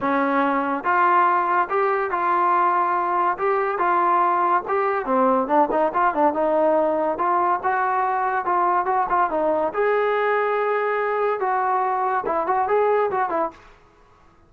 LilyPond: \new Staff \with { instrumentName = "trombone" } { \time 4/4 \tempo 4 = 142 cis'2 f'2 | g'4 f'2. | g'4 f'2 g'4 | c'4 d'8 dis'8 f'8 d'8 dis'4~ |
dis'4 f'4 fis'2 | f'4 fis'8 f'8 dis'4 gis'4~ | gis'2. fis'4~ | fis'4 e'8 fis'8 gis'4 fis'8 e'8 | }